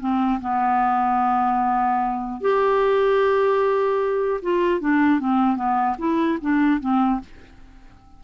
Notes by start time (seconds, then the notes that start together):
0.00 C4
0.41 B3
2.41 G4
4.42 F4
4.81 D4
5.20 C4
5.56 B3
5.99 E4
6.41 D4
6.80 C4